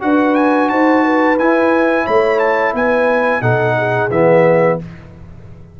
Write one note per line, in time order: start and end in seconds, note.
0.00 0.69 D4
0.00 1.36 F#4
0.00 0.70 B4
0.00 0.35 F#5
0.35 0.69 G#5
0.69 1.37 D#4
0.69 1.03 C5
0.69 1.37 A5
1.03 2.05 B4
1.37 2.06 E4
1.37 3.41 E4
1.37 2.06 G#5
2.05 2.73 A3
2.05 2.73 C#5
2.05 2.38 B5
2.38 2.73 A5
2.73 3.41 B3
2.73 3.41 B4
2.73 3.41 G#5
3.41 4.09 B2
3.41 4.10 D#4
3.41 3.75 A4
3.41 4.10 F#5
3.77 4.80 G#4
4.10 4.78 E3
4.10 4.79 B3
4.10 4.79 E5